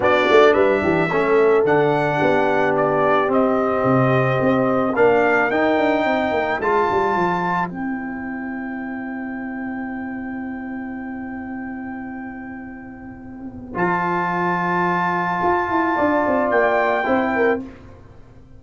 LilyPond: <<
  \new Staff \with { instrumentName = "trumpet" } { \time 4/4 \tempo 4 = 109 d''4 e''2 fis''4~ | fis''4 d''4 dis''2~ | dis''4 f''4 g''2 | a''2 g''2~ |
g''1~ | g''1~ | g''4 a''2.~ | a''2 g''2 | }
  \new Staff \with { instrumentName = "horn" } { \time 4/4 fis'4 b'8 g'8 a'2 | g'1~ | g'4 ais'2 c''4~ | c''1~ |
c''1~ | c''1~ | c''1~ | c''4 d''2 c''8 ais'8 | }
  \new Staff \with { instrumentName = "trombone" } { \time 4/4 d'2 cis'4 d'4~ | d'2 c'2~ | c'4 d'4 dis'2 | f'2 e'2~ |
e'1~ | e'1~ | e'4 f'2.~ | f'2. e'4 | }
  \new Staff \with { instrumentName = "tuba" } { \time 4/4 b8 a8 g8 e8 a4 d4 | b2 c'4 c4 | c'4 ais4 dis'8 d'8 c'8 ais8 | gis8 g8 f4 c'2~ |
c'1~ | c'1~ | c'4 f2. | f'8 e'8 d'8 c'8 ais4 c'4 | }
>>